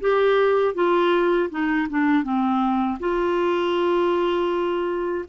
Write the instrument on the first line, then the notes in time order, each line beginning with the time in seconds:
clarinet
0.00 G4
0.74 F4
1.50 D#4
1.89 D4
2.23 C4
2.99 F4